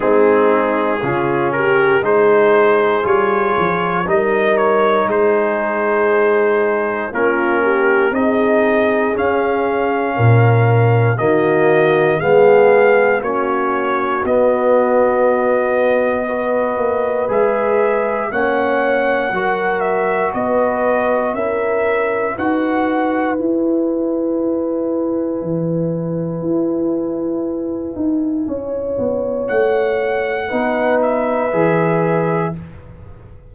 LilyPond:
<<
  \new Staff \with { instrumentName = "trumpet" } { \time 4/4 \tempo 4 = 59 gis'4. ais'8 c''4 cis''4 | dis''8 cis''8 c''2 ais'4 | dis''4 f''2 dis''4 | f''4 cis''4 dis''2~ |
dis''4 e''4 fis''4. e''8 | dis''4 e''4 fis''4 gis''4~ | gis''1~ | gis''4 fis''4. e''4. | }
  \new Staff \with { instrumentName = "horn" } { \time 4/4 dis'4 f'8 g'8 gis'2 | ais'4 gis'2 f'8 g'8 | gis'2 ais'4 fis'4 | gis'4 fis'2. |
b'2 cis''4 ais'4 | b'4 ais'4 b'2~ | b'1 | cis''2 b'2 | }
  \new Staff \with { instrumentName = "trombone" } { \time 4/4 c'4 cis'4 dis'4 f'4 | dis'2. cis'4 | dis'4 cis'2 ais4 | b4 cis'4 b2 |
fis'4 gis'4 cis'4 fis'4~ | fis'4 e'4 fis'4 e'4~ | e'1~ | e'2 dis'4 gis'4 | }
  \new Staff \with { instrumentName = "tuba" } { \time 4/4 gis4 cis4 gis4 g8 f8 | g4 gis2 ais4 | c'4 cis'4 ais,4 dis4 | gis4 ais4 b2~ |
b8 ais8 gis4 ais4 fis4 | b4 cis'4 dis'4 e'4~ | e'4 e4 e'4. dis'8 | cis'8 b8 a4 b4 e4 | }
>>